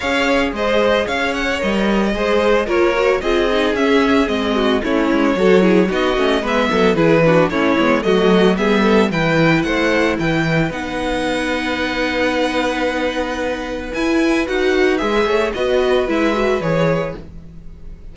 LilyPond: <<
  \new Staff \with { instrumentName = "violin" } { \time 4/4 \tempo 4 = 112 f''4 dis''4 f''8 fis''8 dis''4~ | dis''4 cis''4 dis''4 e''4 | dis''4 cis''2 dis''4 | e''4 b'4 cis''4 dis''4 |
e''4 g''4 fis''4 g''4 | fis''1~ | fis''2 gis''4 fis''4 | e''4 dis''4 e''4 cis''4 | }
  \new Staff \with { instrumentName = "violin" } { \time 4/4 cis''4 c''4 cis''2 | c''4 ais'4 gis'2~ | gis'8 fis'8 e'4 a'8 gis'8 fis'4 | b'8 a'8 gis'8 fis'8 e'4 fis'4 |
gis'8 a'8 b'4 c''4 b'4~ | b'1~ | b'1~ | b'8 cis''8 b'2. | }
  \new Staff \with { instrumentName = "viola" } { \time 4/4 gis'2. ais'4 | gis'4 f'8 fis'8 f'8 dis'8 cis'4 | c'4 cis'4 fis'8 e'8 dis'8 cis'8 | b4 e'8 d'8 cis'8 b8 a4 |
b4 e'2. | dis'1~ | dis'2 e'4 fis'4 | gis'4 fis'4 e'8 fis'8 gis'4 | }
  \new Staff \with { instrumentName = "cello" } { \time 4/4 cis'4 gis4 cis'4 g4 | gis4 ais4 c'4 cis'4 | gis4 a8 gis8 fis4 b8 a8 | gis8 fis8 e4 a8 gis8 fis4 |
g4 e4 a4 e4 | b1~ | b2 e'4 dis'4 | gis8 a8 b4 gis4 e4 | }
>>